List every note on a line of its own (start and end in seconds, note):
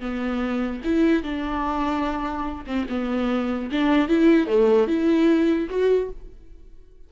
0.00 0.81 B3
0.84 1.23 E4
1.23 2.65 D4
2.66 2.87 C4
2.89 3.70 B3
3.71 4.08 D4
4.08 4.47 E4
4.47 4.87 A3
4.87 5.68 E4
5.69 6.10 F#4